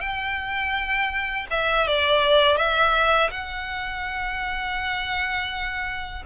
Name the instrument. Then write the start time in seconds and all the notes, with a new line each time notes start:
violin
0.00 G5
1.50 E5
1.87 D5
2.57 E5
3.31 F#5